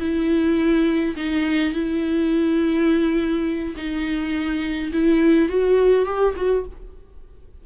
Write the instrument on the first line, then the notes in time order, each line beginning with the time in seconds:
viola
0.00 E4
1.17 D#4
1.73 E4
3.76 D#4
4.92 E4
5.49 F#4
6.06 G4
6.37 F#4